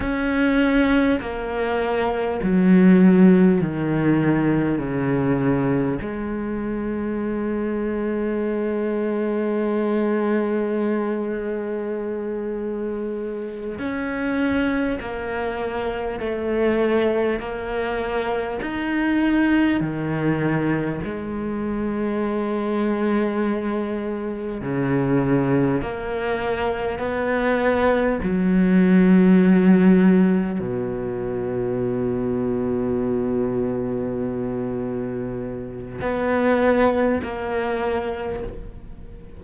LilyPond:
\new Staff \with { instrumentName = "cello" } { \time 4/4 \tempo 4 = 50 cis'4 ais4 fis4 dis4 | cis4 gis2.~ | gis2.~ gis8 cis'8~ | cis'8 ais4 a4 ais4 dis'8~ |
dis'8 dis4 gis2~ gis8~ | gis8 cis4 ais4 b4 fis8~ | fis4. b,2~ b,8~ | b,2 b4 ais4 | }